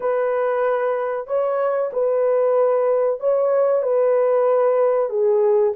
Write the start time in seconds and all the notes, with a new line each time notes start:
0.00 B4
1.27 C#5
1.92 B4
3.19 C#5
3.82 B4
5.09 G#4